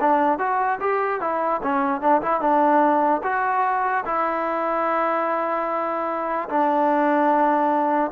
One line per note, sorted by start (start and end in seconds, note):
0.00 0.38 D4
0.38 0.79 F#4
0.80 1.21 G4
1.21 1.61 E4
1.63 2.01 C#4
2.01 2.21 D4
2.22 2.40 E4
2.40 3.21 D4
3.23 4.04 F#4
4.05 6.49 E4
6.49 8.11 D4